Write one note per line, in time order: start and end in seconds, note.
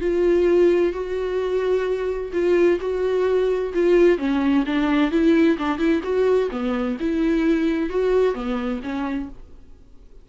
0.00 0.92 F4
0.93 2.31 F#4
2.32 2.79 F4
2.80 3.72 F#4
3.74 4.18 F4
4.18 4.64 C#4
4.66 5.11 D4
5.11 5.57 E4
5.58 5.78 D4
5.78 6.01 E4
6.03 6.49 F#4
6.51 6.97 B3
7.00 7.89 E4
7.89 8.34 F#4
8.34 8.80 B3
8.83 9.29 C#4